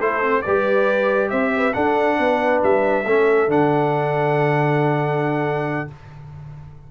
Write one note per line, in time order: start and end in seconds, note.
0.00 0.43 A3
0.00 0.22 E4
0.00 0.44 A4
0.00 0.42 C5
0.22 0.44 C4
0.42 1.32 G3
0.42 1.74 G4
0.42 1.30 B4
0.42 1.29 D5
1.30 1.75 C4
1.30 1.52 C5
1.30 1.74 E5
1.57 1.74 B4
1.74 3.05 D4
1.74 2.19 D4
1.74 2.18 A4
1.74 2.61 F#5
2.19 2.62 B3
2.19 3.07 B4
2.63 3.05 G3
2.63 3.51 E5
3.05 3.48 A3
3.05 3.49 C#4
3.05 5.91 A4
3.48 5.87 D3
3.48 5.88 D4
3.48 5.90 F#5